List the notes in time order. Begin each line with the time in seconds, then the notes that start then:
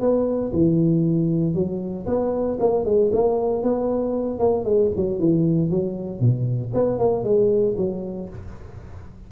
0.00 B3
0.53 E3
1.54 F#3
2.06 B3
2.60 A#3
2.85 G#3
3.12 A#3
3.63 B3
4.39 A#3
4.65 G#3
4.96 F#3
5.19 E3
5.70 F#3
6.20 B2
6.74 B3
6.99 A#3
7.24 G#3
7.77 F#3